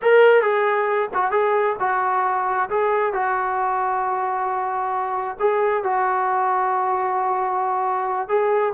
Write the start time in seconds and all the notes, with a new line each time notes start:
0.02 A#4
0.42 G#4
1.14 F#4
1.31 G#4
1.79 F#4
2.69 G#4
3.13 F#4
5.39 G#4
5.83 F#4
8.28 G#4